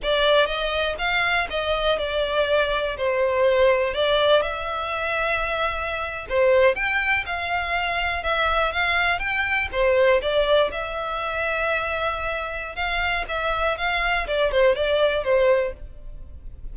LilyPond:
\new Staff \with { instrumentName = "violin" } { \time 4/4 \tempo 4 = 122 d''4 dis''4 f''4 dis''4 | d''2 c''2 | d''4 e''2.~ | e''8. c''4 g''4 f''4~ f''16~ |
f''8. e''4 f''4 g''4 c''16~ | c''8. d''4 e''2~ e''16~ | e''2 f''4 e''4 | f''4 d''8 c''8 d''4 c''4 | }